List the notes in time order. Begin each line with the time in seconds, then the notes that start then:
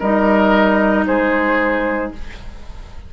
0.00 G3 D#4 A#4 D#5
1.07 G#3 G#4 C5